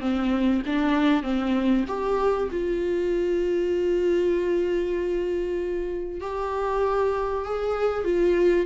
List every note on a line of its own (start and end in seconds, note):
0.00 0.62 C4
0.66 1.22 D4
1.22 1.84 C4
1.87 2.49 G4
2.51 6.21 F4
6.21 7.44 G4
7.45 8.04 G#4
8.04 8.66 F4